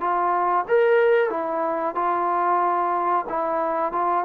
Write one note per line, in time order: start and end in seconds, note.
0.00 0.65 F4
0.68 1.30 A#4
1.30 1.95 E4
1.95 3.25 F4
3.29 3.92 E4
3.92 4.24 F4